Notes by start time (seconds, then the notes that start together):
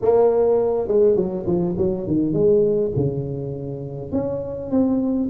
0.01 A#3
0.87 G#3
1.16 F#3
1.46 F3
1.77 F#3
2.07 D#3
2.33 G#3
2.96 C#3
4.12 C#4
4.70 C4